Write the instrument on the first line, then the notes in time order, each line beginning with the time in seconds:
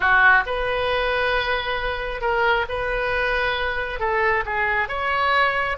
oboe
0.00 F#4
0.46 B4
2.21 A#4
2.68 B4
3.99 A4
4.45 G#4
4.88 C#5